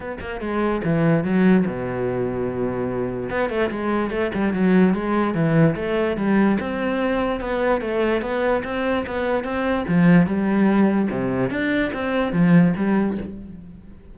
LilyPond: \new Staff \with { instrumentName = "cello" } { \time 4/4 \tempo 4 = 146 b8 ais8 gis4 e4 fis4 | b,1 | b8 a8 gis4 a8 g8 fis4 | gis4 e4 a4 g4 |
c'2 b4 a4 | b4 c'4 b4 c'4 | f4 g2 c4 | d'4 c'4 f4 g4 | }